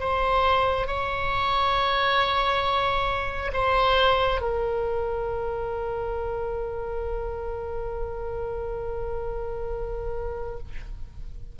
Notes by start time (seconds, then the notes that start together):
0.00 C5
0.87 C#5
3.53 C5
4.41 A#4